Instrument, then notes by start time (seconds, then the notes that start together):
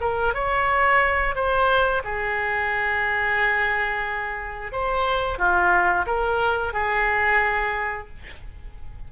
oboe
0.00 A#4
0.34 C#5
1.35 C5
2.03 G#4
4.72 C5
5.38 F4
6.06 A#4
6.73 G#4